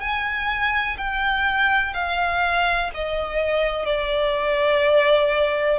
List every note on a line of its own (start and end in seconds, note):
0.00 0.97 G#5
0.98 1.94 G5
1.94 2.90 F5
2.94 3.86 D#5
3.86 5.79 D5